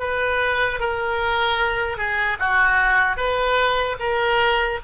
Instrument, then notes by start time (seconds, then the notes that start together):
oboe
0.00 B4
0.80 A#4
1.98 G#4
2.40 F#4
3.17 B4
4.00 A#4